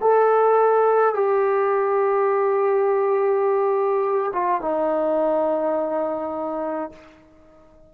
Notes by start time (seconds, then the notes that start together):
0.00 A4
1.14 G4
4.33 F4
4.61 D#4